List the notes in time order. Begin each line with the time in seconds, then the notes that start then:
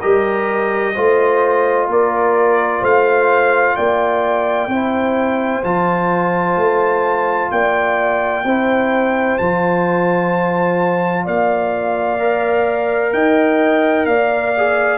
0.00 G3 G4 A#4 D#5
0.95 A3 F4 C5
1.87 A#3 A#4 D5
2.81 A3 C5 F5
3.76 A#3 D5 G5
4.68 C4 E4 C5
5.64 F3 F4 A5
6.57 A3
7.52 A#3 D5 G5
8.45 C4 E4 C5
9.38 F3 F4 A5
11.25 A#3 D5 F5
12.19 A#4
13.13 D#4 D#5 G5
14.06 A#3 D5 F5
14.58 G#4